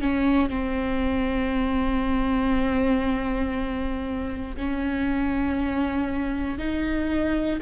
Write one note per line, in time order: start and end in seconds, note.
0.00 0.49 C#4
0.49 4.56 C4
4.56 6.58 C#4
6.58 7.59 D#4